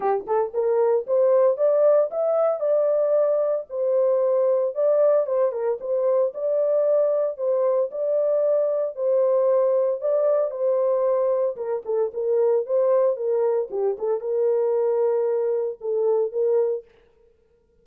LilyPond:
\new Staff \with { instrumentName = "horn" } { \time 4/4 \tempo 4 = 114 g'8 a'8 ais'4 c''4 d''4 | e''4 d''2 c''4~ | c''4 d''4 c''8 ais'8 c''4 | d''2 c''4 d''4~ |
d''4 c''2 d''4 | c''2 ais'8 a'8 ais'4 | c''4 ais'4 g'8 a'8 ais'4~ | ais'2 a'4 ais'4 | }